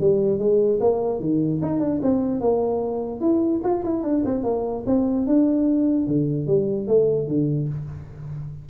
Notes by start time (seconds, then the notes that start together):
0.00 G3
0.39 G#3
0.80 A#3
1.20 D#3
1.62 D#4
1.80 D4
2.02 C4
2.40 A#3
3.20 E4
3.64 F4
3.84 E4
4.03 D4
4.25 C4
4.43 A#3
4.86 C4
5.26 D4
6.07 D3
6.47 G3
6.87 A3
7.28 D3